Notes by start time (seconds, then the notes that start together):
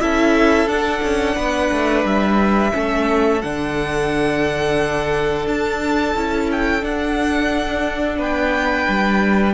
0.00 C#4 E4 A4 E5
0.66 D4 F#5
0.73 D4
1.02 C#4
1.36 B3 B4
1.72 A3
2.04 G3 E5
2.72 A3 C#4 A4
3.42 D3 D4 F#5
5.46 D4 A5
6.15 C#4 E4
6.52 G5
6.81 D4 F#5
8.18 B3 B4 G5
8.88 G3